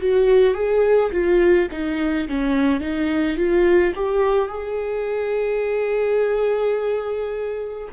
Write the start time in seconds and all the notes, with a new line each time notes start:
0.00 F#4
0.54 G#4
1.12 F4
1.71 D#4
2.28 C#4
2.80 D#4
3.37 F4
3.95 G4
4.48 G#4